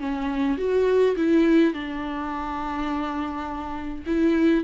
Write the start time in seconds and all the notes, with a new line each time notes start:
0.00 C#4
0.58 F#4
1.17 E4
1.74 D4
4.07 E4